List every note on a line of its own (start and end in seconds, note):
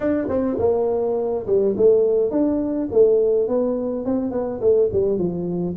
0.00 0.27 D4
0.28 0.57 C4
0.59 1.46 A#3
1.46 1.75 G3
1.76 2.31 A3
2.31 2.88 D4
2.91 3.47 A3
3.47 4.05 B3
4.05 4.31 C4
4.31 4.59 B3
4.60 4.89 A3
4.92 5.18 G3
5.18 5.75 F3